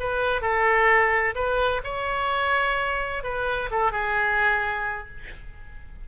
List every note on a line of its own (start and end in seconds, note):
0.00 0.42 B4
0.42 1.35 A4
1.35 1.82 B4
1.84 3.24 C#5
3.24 3.70 B4
3.71 3.92 A4
3.92 5.08 G#4